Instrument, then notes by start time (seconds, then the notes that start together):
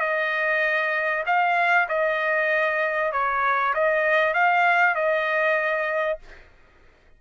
trumpet
0.00 D#5
1.26 F5
1.89 D#5
3.12 C#5
3.75 D#5
4.34 F5
4.95 D#5